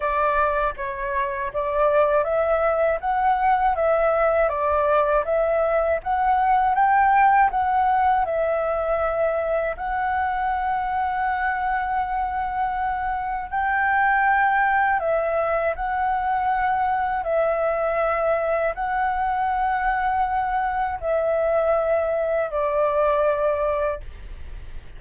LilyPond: \new Staff \with { instrumentName = "flute" } { \time 4/4 \tempo 4 = 80 d''4 cis''4 d''4 e''4 | fis''4 e''4 d''4 e''4 | fis''4 g''4 fis''4 e''4~ | e''4 fis''2.~ |
fis''2 g''2 | e''4 fis''2 e''4~ | e''4 fis''2. | e''2 d''2 | }